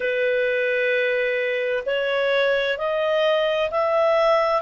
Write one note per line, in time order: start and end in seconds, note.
0.00 1.83 B4
1.85 2.78 C#5
2.78 3.70 D#5
3.70 4.62 E5